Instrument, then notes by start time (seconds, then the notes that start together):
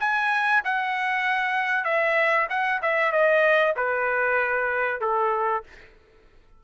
trumpet
0.00 G#5
0.64 F#5
1.85 E5
2.50 F#5
2.82 E5
3.12 D#5
3.76 B4
5.01 A4